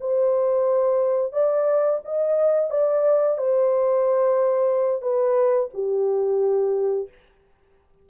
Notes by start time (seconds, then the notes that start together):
0.00 C5
1.32 D5
2.04 D#5
2.70 D5
3.37 C5
5.01 B4
5.73 G4